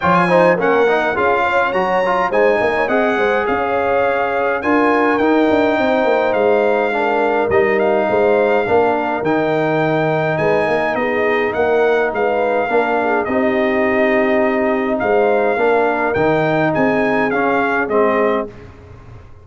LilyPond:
<<
  \new Staff \with { instrumentName = "trumpet" } { \time 4/4 \tempo 4 = 104 gis''4 fis''4 f''4 ais''4 | gis''4 fis''4 f''2 | gis''4 g''2 f''4~ | f''4 dis''8 f''2~ f''8 |
g''2 gis''4 dis''4 | fis''4 f''2 dis''4~ | dis''2 f''2 | g''4 gis''4 f''4 dis''4 | }
  \new Staff \with { instrumentName = "horn" } { \time 4/4 cis''8 c''8 ais'4 gis'8 cis''4. | c''8 dis''16 cis''16 dis''8 c''8 cis''2 | ais'2 c''2 | ais'2 c''4 ais'4~ |
ais'2 b'8 ais'8 gis'4 | ais'4 b'4 ais'8 gis'8 g'4~ | g'2 c''4 ais'4~ | ais'4 gis'2. | }
  \new Staff \with { instrumentName = "trombone" } { \time 4/4 f'8 dis'8 cis'8 dis'8 f'4 fis'8 f'8 | dis'4 gis'2. | f'4 dis'2. | d'4 dis'2 d'4 |
dis'1~ | dis'2 d'4 dis'4~ | dis'2. d'4 | dis'2 cis'4 c'4 | }
  \new Staff \with { instrumentName = "tuba" } { \time 4/4 f4 ais4 cis'4 fis4 | gis8 ais8 c'8 gis8 cis'2 | d'4 dis'8 d'8 c'8 ais8 gis4~ | gis4 g4 gis4 ais4 |
dis2 gis8 ais8 b4 | ais4 gis4 ais4 c'4~ | c'2 gis4 ais4 | dis4 c'4 cis'4 gis4 | }
>>